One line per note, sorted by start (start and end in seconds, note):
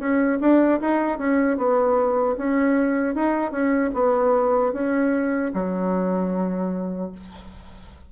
0.00 0.39 C#4
0.41 0.80 D4
0.81 1.18 D#4
1.18 1.58 C#4
1.58 2.37 B3
2.38 3.15 C#4
3.15 3.52 D#4
3.52 3.91 C#4
3.94 4.73 B3
4.73 5.52 C#4
5.54 7.12 F#3